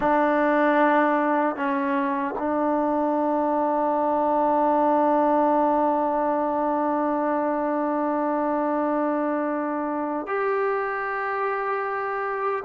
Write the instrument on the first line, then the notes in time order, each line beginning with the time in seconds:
trombone
0.00 D4
1.55 C#4
2.38 D4
10.26 G4